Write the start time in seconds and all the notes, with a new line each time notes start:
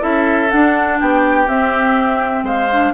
0.00 C#4 E4 A4 E5
0.50 D4 F#5
0.99 B3 G4 G5
1.47 C4 E5
2.43 G#3 C5 F5
2.72 D4